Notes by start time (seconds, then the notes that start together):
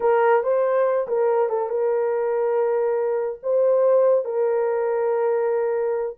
0.00 A#4
0.43 C5
1.07 A#4
1.49 A4
1.69 A#4
3.43 C5
4.24 A#4